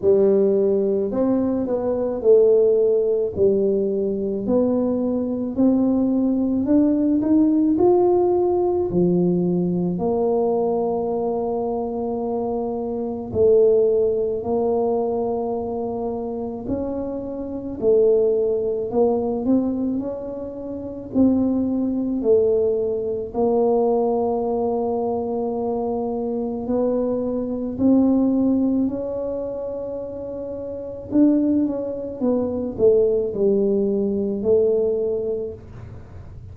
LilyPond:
\new Staff \with { instrumentName = "tuba" } { \time 4/4 \tempo 4 = 54 g4 c'8 b8 a4 g4 | b4 c'4 d'8 dis'8 f'4 | f4 ais2. | a4 ais2 cis'4 |
a4 ais8 c'8 cis'4 c'4 | a4 ais2. | b4 c'4 cis'2 | d'8 cis'8 b8 a8 g4 a4 | }